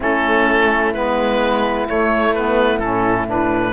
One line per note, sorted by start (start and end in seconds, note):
0.00 0.94 A3
0.00 0.93 C#4
0.00 3.73 E4
0.00 0.93 A4
0.93 1.88 G#3
0.93 1.87 B3
0.93 1.87 B4
1.87 2.34 A3
1.87 2.79 A3
1.87 2.34 C#5
2.34 2.81 B3
2.34 2.79 B4
2.79 3.73 A2
2.79 3.26 C#4
2.79 3.26 A4
3.26 3.73 D4
3.26 3.73 B4